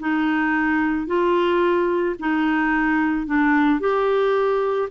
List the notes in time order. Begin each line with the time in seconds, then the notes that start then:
0.00 D#4
1.07 F4
2.20 D#4
3.27 D4
3.80 G4